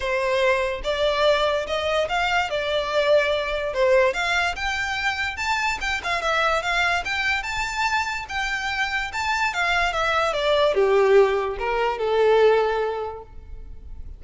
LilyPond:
\new Staff \with { instrumentName = "violin" } { \time 4/4 \tempo 4 = 145 c''2 d''2 | dis''4 f''4 d''2~ | d''4 c''4 f''4 g''4~ | g''4 a''4 g''8 f''8 e''4 |
f''4 g''4 a''2 | g''2 a''4 f''4 | e''4 d''4 g'2 | ais'4 a'2. | }